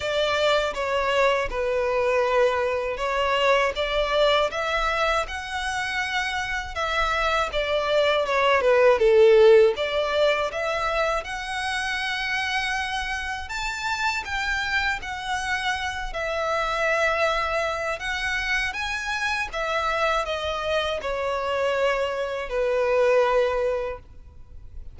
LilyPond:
\new Staff \with { instrumentName = "violin" } { \time 4/4 \tempo 4 = 80 d''4 cis''4 b'2 | cis''4 d''4 e''4 fis''4~ | fis''4 e''4 d''4 cis''8 b'8 | a'4 d''4 e''4 fis''4~ |
fis''2 a''4 g''4 | fis''4. e''2~ e''8 | fis''4 gis''4 e''4 dis''4 | cis''2 b'2 | }